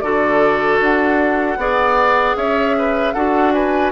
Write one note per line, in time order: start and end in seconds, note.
0.00 0.80 D3
0.00 1.59 F#4
0.00 1.59 A4
0.00 0.78 D5
0.80 1.57 D4
0.80 2.37 F#5
1.57 2.35 B3
1.57 3.15 G#4
1.57 2.37 D5
2.36 3.14 C#4
2.36 2.76 C#5
2.36 3.13 E5
2.78 3.13 B4
3.13 3.92 D4
3.13 3.92 F#4
3.13 3.52 A4
3.13 3.52 F#5
3.53 3.92 B4
3.53 3.92 G#5